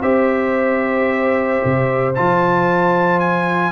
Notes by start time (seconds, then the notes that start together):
0.00 C4 G4 C5 E5
1.64 C3
2.14 F3 F4 A5
3.19 G#5